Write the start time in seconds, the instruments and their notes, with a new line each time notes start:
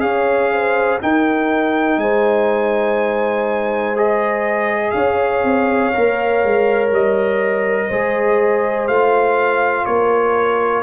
0.00 tuba C#4, trombone G#4, horn C#5, trumpet F5
0.52 horn C5
1.01 trombone D#4, tuba D#4, horn A#4, trumpet G5
1.97 tuba G#3, horn C5, trumpet G#5
3.96 trombone G#4, trumpet D#5
4.91 tuba C#4, horn C#5, trumpet F5
5.43 tuba C4
5.93 tuba A#3, trombone A#4
6.44 tuba G#3
6.91 tuba G3, trumpet D#5
7.88 tuba G#3, trombone G#4, horn C5
8.87 tuba A3, trombone F4, trumpet F5
9.85 tuba A#3, horn A#4, trumpet C#5